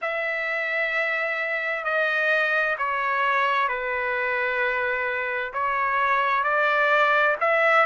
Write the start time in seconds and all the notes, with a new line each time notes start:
0.01 E5
1.84 D#5
2.78 C#5
3.68 B4
5.53 C#5
6.43 D5
7.40 E5